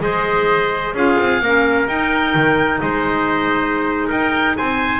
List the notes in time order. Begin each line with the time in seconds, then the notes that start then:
0.00 G#3 G#4 C5 D#5
0.94 C#4 F4 G#4 F5
1.20 C4
1.40 A#3 C#4 A#4
1.87 D#4 G5
2.34 D#3
2.80 G#3 C5 D#5
4.08 D#4 A#4 G5
4.56 C4 C5 G#5